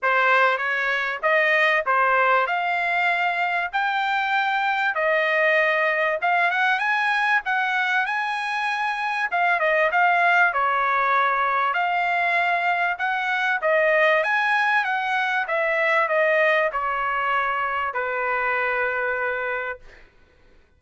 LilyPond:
\new Staff \with { instrumentName = "trumpet" } { \time 4/4 \tempo 4 = 97 c''4 cis''4 dis''4 c''4 | f''2 g''2 | dis''2 f''8 fis''8 gis''4 | fis''4 gis''2 f''8 dis''8 |
f''4 cis''2 f''4~ | f''4 fis''4 dis''4 gis''4 | fis''4 e''4 dis''4 cis''4~ | cis''4 b'2. | }